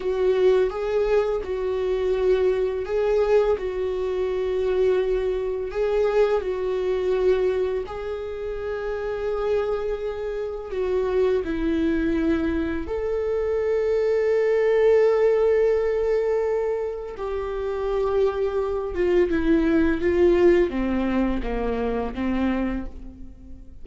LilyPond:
\new Staff \with { instrumentName = "viola" } { \time 4/4 \tempo 4 = 84 fis'4 gis'4 fis'2 | gis'4 fis'2. | gis'4 fis'2 gis'4~ | gis'2. fis'4 |
e'2 a'2~ | a'1 | g'2~ g'8 f'8 e'4 | f'4 c'4 ais4 c'4 | }